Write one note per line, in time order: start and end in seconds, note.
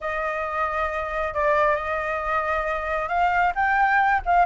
0.00 1.34 D#5
1.34 1.75 D5
1.75 3.08 D#5
3.08 3.53 F5
3.55 4.21 G5
4.25 4.45 F5